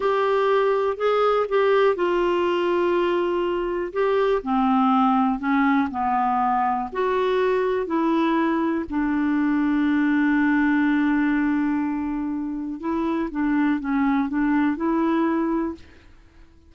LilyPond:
\new Staff \with { instrumentName = "clarinet" } { \time 4/4 \tempo 4 = 122 g'2 gis'4 g'4 | f'1 | g'4 c'2 cis'4 | b2 fis'2 |
e'2 d'2~ | d'1~ | d'2 e'4 d'4 | cis'4 d'4 e'2 | }